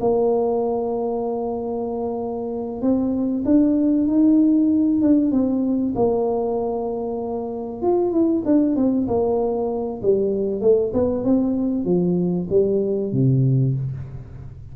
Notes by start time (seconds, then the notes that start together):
0.00 A#3
2.81 C4
3.44 D4
4.07 D#4
5.01 D4
5.31 C4
5.95 A#3
7.81 F4
8.11 E4
8.45 D4
8.75 C4
9.07 A#3
10.02 G3
10.61 A3
10.93 B3
11.24 C4
11.84 F3
12.49 G3
13.12 C3